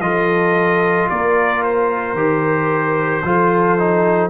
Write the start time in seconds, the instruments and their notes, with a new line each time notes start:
0.00 tuba F3, trombone F4, horn A4, trumpet D#5
1.10 tuba A#3, horn A#4, trumpet D5
1.64 trumpet C5
2.14 tuba D#3, trombone G4
3.24 tuba F3, trombone F4, horn A4
3.79 trombone D#4